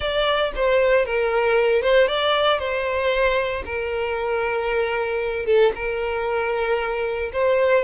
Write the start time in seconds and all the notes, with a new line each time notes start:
0.00 D5
0.55 C5
1.05 A#4
1.82 C5
2.07 D5
2.58 C5
3.65 A#4
5.45 A4
5.75 A#4
7.32 C5